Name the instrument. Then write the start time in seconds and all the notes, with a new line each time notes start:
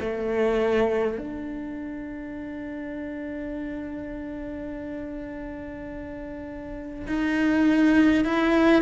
cello
0.00 A3
1.18 D4
7.07 D#4
8.25 E4